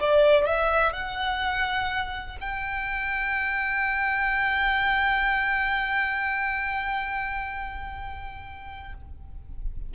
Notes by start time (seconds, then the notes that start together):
0.00 D5
0.46 E5
0.93 F#5
2.41 G5